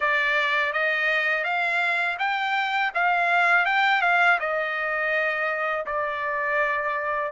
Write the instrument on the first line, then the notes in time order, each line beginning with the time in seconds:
trumpet
0.00 D5
0.73 D#5
1.43 F5
2.18 G5
2.94 F5
3.65 G5
4.01 F5
4.39 D#5
5.86 D5